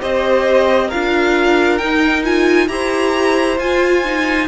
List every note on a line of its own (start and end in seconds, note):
0.00 0.92 C4
0.00 0.90 G4
0.00 0.87 C5
0.00 0.90 D#5
0.87 1.80 D4
0.87 1.80 F4
0.87 2.66 A#4
0.87 1.77 F5
1.77 2.24 D#4
1.77 2.68 D#4
1.77 2.22 G5
2.24 2.68 F4
2.24 2.68 G#5
2.68 3.57 E4
2.68 3.58 G4
2.68 4.47 C5
2.68 3.57 A#5
3.57 4.47 F4
3.57 4.04 F4
3.57 4.47 G#5
4.04 4.47 D#4